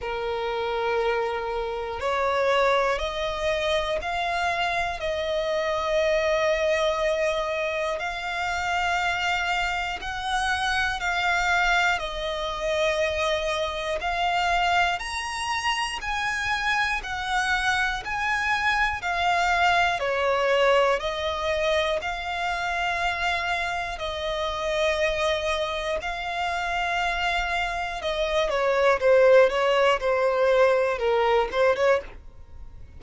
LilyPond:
\new Staff \with { instrumentName = "violin" } { \time 4/4 \tempo 4 = 60 ais'2 cis''4 dis''4 | f''4 dis''2. | f''2 fis''4 f''4 | dis''2 f''4 ais''4 |
gis''4 fis''4 gis''4 f''4 | cis''4 dis''4 f''2 | dis''2 f''2 | dis''8 cis''8 c''8 cis''8 c''4 ais'8 c''16 cis''16 | }